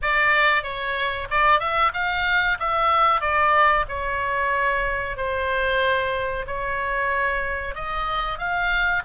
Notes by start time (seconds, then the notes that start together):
0.01 D5
0.63 C#5
1.30 D5
1.59 E5
1.93 F5
2.59 E5
3.20 D5
3.88 C#5
5.16 C5
6.46 C#5
7.74 D#5
8.38 F5